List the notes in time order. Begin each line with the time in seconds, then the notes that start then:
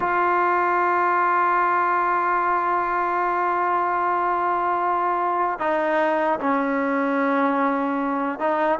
0.00 F4
5.59 D#4
6.39 C#4
8.39 D#4